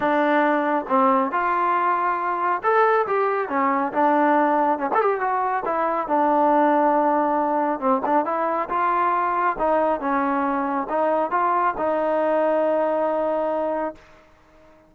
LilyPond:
\new Staff \with { instrumentName = "trombone" } { \time 4/4 \tempo 4 = 138 d'2 c'4 f'4~ | f'2 a'4 g'4 | cis'4 d'2 cis'16 a'16 g'8 | fis'4 e'4 d'2~ |
d'2 c'8 d'8 e'4 | f'2 dis'4 cis'4~ | cis'4 dis'4 f'4 dis'4~ | dis'1 | }